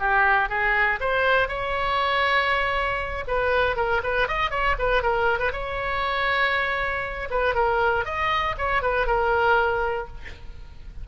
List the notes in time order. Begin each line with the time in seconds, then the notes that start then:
0.00 G4
0.50 G#4
1.01 C5
1.49 C#5
3.28 B4
3.77 A#4
4.04 B4
4.28 D#5
4.51 C#5
4.79 B4
5.03 A#4
5.39 B4
5.52 C#5
7.30 B4
7.55 A#4
8.05 D#5
8.58 C#5
8.82 B4
9.07 A#4